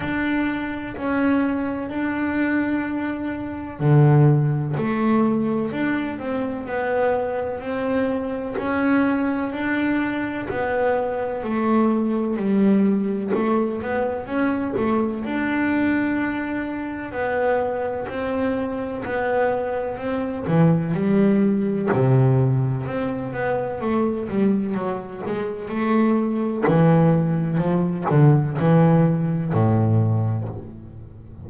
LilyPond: \new Staff \with { instrumentName = "double bass" } { \time 4/4 \tempo 4 = 63 d'4 cis'4 d'2 | d4 a4 d'8 c'8 b4 | c'4 cis'4 d'4 b4 | a4 g4 a8 b8 cis'8 a8 |
d'2 b4 c'4 | b4 c'8 e8 g4 c4 | c'8 b8 a8 g8 fis8 gis8 a4 | e4 f8 d8 e4 a,4 | }